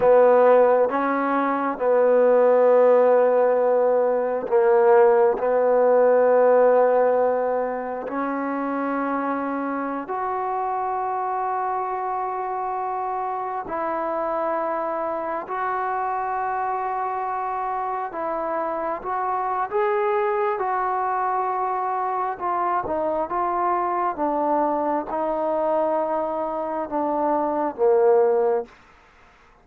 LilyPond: \new Staff \with { instrumentName = "trombone" } { \time 4/4 \tempo 4 = 67 b4 cis'4 b2~ | b4 ais4 b2~ | b4 cis'2~ cis'16 fis'8.~ | fis'2.~ fis'16 e'8.~ |
e'4~ e'16 fis'2~ fis'8.~ | fis'16 e'4 fis'8. gis'4 fis'4~ | fis'4 f'8 dis'8 f'4 d'4 | dis'2 d'4 ais4 | }